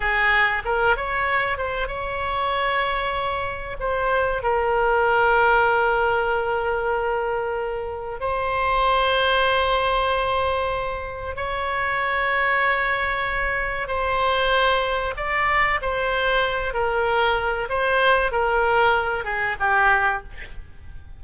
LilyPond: \new Staff \with { instrumentName = "oboe" } { \time 4/4 \tempo 4 = 95 gis'4 ais'8 cis''4 c''8 cis''4~ | cis''2 c''4 ais'4~ | ais'1~ | ais'4 c''2.~ |
c''2 cis''2~ | cis''2 c''2 | d''4 c''4. ais'4. | c''4 ais'4. gis'8 g'4 | }